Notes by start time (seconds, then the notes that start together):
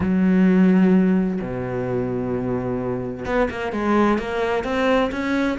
0.00 F#3
1.41 B2
3.25 B3
3.50 A#3
3.72 G#3
4.18 A#3
4.64 C4
5.11 C#4